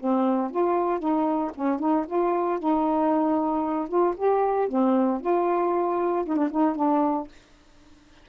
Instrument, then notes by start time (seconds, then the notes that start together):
saxophone
0.00 C4
0.51 F4
0.99 D#4
1.55 C#4
1.80 D#4
2.07 F4
2.59 D#4
3.89 F4
4.17 G4
4.69 C4
5.21 F4
6.26 D#4
6.37 D4
6.51 D#4
6.76 D4